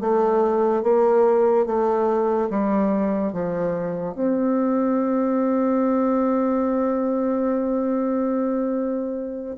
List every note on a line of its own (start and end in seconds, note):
0.00 0.83 A3
0.83 1.66 A#3
1.66 2.49 A3
2.50 3.33 G3
3.33 4.14 F3
4.14 9.56 C4